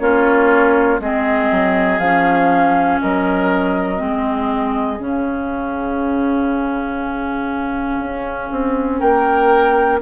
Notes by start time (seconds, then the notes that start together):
0.00 A#3 C#4 F4 C#5
1.00 G#3 C4 G#4 D#5
1.51 F#3
1.99 F3 C#4 F5
3.01 F#3 A#4 D#5
3.98 G#3 C4 G#4
5.00 C#3 C#4 F5
8.00 C#4
8.52 C4
9.00 A#3 A#4 G5